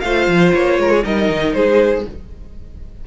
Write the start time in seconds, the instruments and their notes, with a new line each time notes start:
0.00 cello A3, viola F4, violin C5 F5
0.27 cello F3
0.54 cello A#3, violin C#5
0.78 cello G#3, violin A#4
0.91 violin G#4
1.03 cello G3, viola D#4, violin A#4 D#5
1.29 cello D#3
1.54 cello G#3, violin G#4 C5